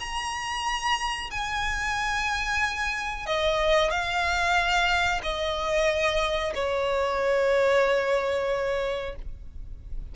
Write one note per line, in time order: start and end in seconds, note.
0.00 1.30 A#5
1.31 3.26 G#5
3.26 3.91 D#5
3.91 5.21 F5
5.23 6.54 D#5
6.55 9.15 C#5